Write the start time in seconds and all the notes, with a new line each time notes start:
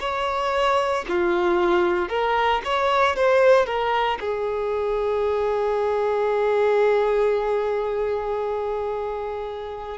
0.00 C#5
1.08 F4
2.09 A#4
2.64 C#5
3.16 C5
3.66 A#4
4.20 G#4